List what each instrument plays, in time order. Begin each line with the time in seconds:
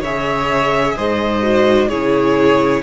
0.00 cello C#3, viola G#4, violin C#5 E5
0.96 cello G#2, violin C5 D#5
1.41 viola F#4
1.88 cello C#3, viola E4, violin G#4 C#5